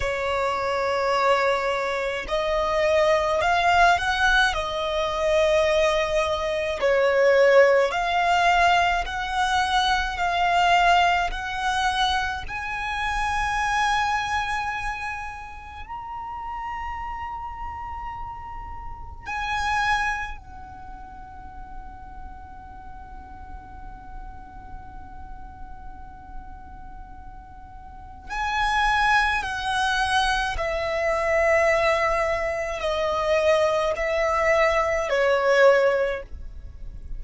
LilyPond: \new Staff \with { instrumentName = "violin" } { \time 4/4 \tempo 4 = 53 cis''2 dis''4 f''8 fis''8 | dis''2 cis''4 f''4 | fis''4 f''4 fis''4 gis''4~ | gis''2 ais''2~ |
ais''4 gis''4 fis''2~ | fis''1~ | fis''4 gis''4 fis''4 e''4~ | e''4 dis''4 e''4 cis''4 | }